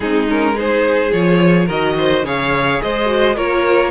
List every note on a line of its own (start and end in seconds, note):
0.00 1.11 G#3
0.00 0.28 C4
0.00 0.55 D#4
0.00 0.28 G#4
0.28 0.54 C#4
0.28 0.58 A#4
0.54 1.10 D#4
0.54 1.66 G#4
0.54 1.11 C5
1.11 1.68 F3
1.11 1.67 F4
1.11 1.68 C#5
1.66 2.23 D#3
1.66 2.25 F#4
1.66 1.94 A#4
1.66 2.25 D#5
1.97 2.25 C5
2.23 2.79 C#3
2.23 3.05 G#4
2.23 2.81 C#5
2.23 2.81 F5
2.81 3.37 G#3
2.81 3.35 C5
2.81 3.37 D#5
3.05 3.33 F#4
3.35 3.91 A#3
3.35 3.91 F4
3.35 3.91 A#4
3.35 3.91 C#5